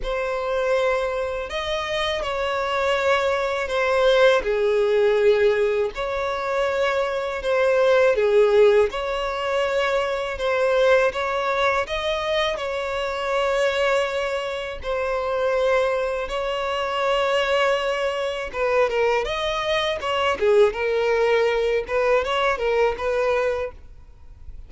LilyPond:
\new Staff \with { instrumentName = "violin" } { \time 4/4 \tempo 4 = 81 c''2 dis''4 cis''4~ | cis''4 c''4 gis'2 | cis''2 c''4 gis'4 | cis''2 c''4 cis''4 |
dis''4 cis''2. | c''2 cis''2~ | cis''4 b'8 ais'8 dis''4 cis''8 gis'8 | ais'4. b'8 cis''8 ais'8 b'4 | }